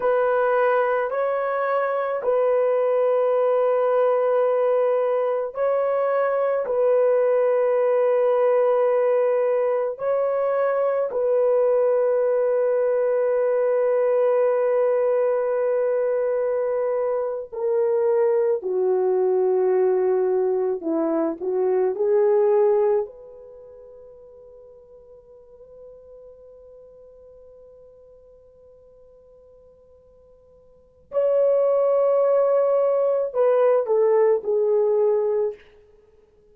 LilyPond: \new Staff \with { instrumentName = "horn" } { \time 4/4 \tempo 4 = 54 b'4 cis''4 b'2~ | b'4 cis''4 b'2~ | b'4 cis''4 b'2~ | b'2.~ b'8. ais'16~ |
ais'8. fis'2 e'8 fis'8 gis'16~ | gis'8. b'2.~ b'16~ | b'1 | cis''2 b'8 a'8 gis'4 | }